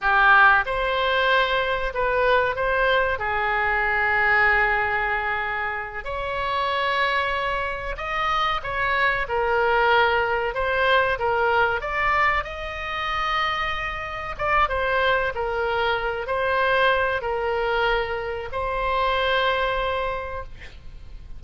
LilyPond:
\new Staff \with { instrumentName = "oboe" } { \time 4/4 \tempo 4 = 94 g'4 c''2 b'4 | c''4 gis'2.~ | gis'4. cis''2~ cis''8~ | cis''8 dis''4 cis''4 ais'4.~ |
ais'8 c''4 ais'4 d''4 dis''8~ | dis''2~ dis''8 d''8 c''4 | ais'4. c''4. ais'4~ | ais'4 c''2. | }